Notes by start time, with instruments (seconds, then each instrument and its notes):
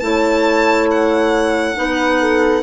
0.00 bassoon A3, clarinet E4, horn C#5, violin A5
0.91 violin F#5
1.76 bassoon B3, clarinet D#4, horn B4
2.21 horn A4